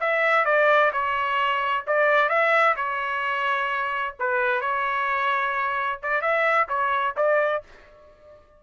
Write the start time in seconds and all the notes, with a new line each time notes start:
0.00 E5
0.45 D5
0.92 C#5
1.87 D5
2.29 E5
2.76 C#5
4.19 B4
4.61 C#5
6.02 D5
6.21 E5
6.68 C#5
7.16 D5